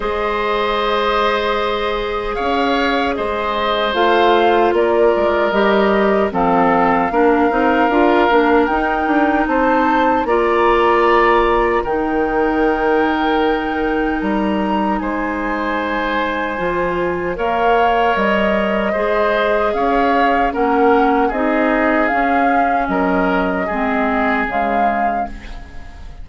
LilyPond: <<
  \new Staff \with { instrumentName = "flute" } { \time 4/4 \tempo 4 = 76 dis''2. f''4 | dis''4 f''4 d''4 dis''4 | f''2. g''4 | a''4 ais''2 g''4~ |
g''2 ais''4 gis''4~ | gis''2 f''4 dis''4~ | dis''4 f''4 fis''4 dis''4 | f''4 dis''2 f''4 | }
  \new Staff \with { instrumentName = "oboe" } { \time 4/4 c''2. cis''4 | c''2 ais'2 | a'4 ais'2. | c''4 d''2 ais'4~ |
ais'2. c''4~ | c''2 cis''2 | c''4 cis''4 ais'4 gis'4~ | gis'4 ais'4 gis'2 | }
  \new Staff \with { instrumentName = "clarinet" } { \time 4/4 gis'1~ | gis'4 f'2 g'4 | c'4 d'8 dis'8 f'8 d'8 dis'4~ | dis'4 f'2 dis'4~ |
dis'1~ | dis'4 f'4 ais'2 | gis'2 cis'4 dis'4 | cis'2 c'4 gis4 | }
  \new Staff \with { instrumentName = "bassoon" } { \time 4/4 gis2. cis'4 | gis4 a4 ais8 gis8 g4 | f4 ais8 c'8 d'8 ais8 dis'8 d'8 | c'4 ais2 dis4~ |
dis2 g4 gis4~ | gis4 f4 ais4 g4 | gis4 cis'4 ais4 c'4 | cis'4 fis4 gis4 cis4 | }
>>